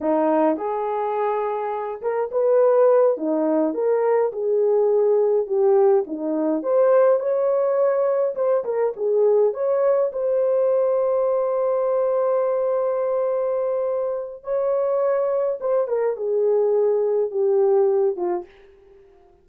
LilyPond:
\new Staff \with { instrumentName = "horn" } { \time 4/4 \tempo 4 = 104 dis'4 gis'2~ gis'8 ais'8 | b'4. dis'4 ais'4 gis'8~ | gis'4. g'4 dis'4 c''8~ | c''8 cis''2 c''8 ais'8 gis'8~ |
gis'8 cis''4 c''2~ c''8~ | c''1~ | c''4 cis''2 c''8 ais'8 | gis'2 g'4. f'8 | }